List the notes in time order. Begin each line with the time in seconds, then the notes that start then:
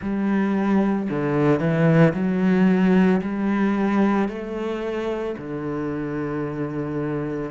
0.01 G3
1.10 D3
1.59 E3
2.13 F#3
3.21 G3
4.28 A3
5.37 D3